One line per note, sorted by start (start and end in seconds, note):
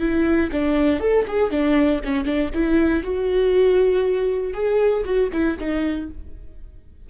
0.00 0.50 E4
0.52 1.00 D4
1.00 1.26 A4
1.28 1.51 G#4
1.51 2.01 D4
2.05 2.25 C#4
2.25 2.50 D4
2.55 3.03 E4
3.03 4.54 F#4
4.54 5.04 G#4
5.05 5.30 F#4
5.33 5.58 E4
5.59 6.10 D#4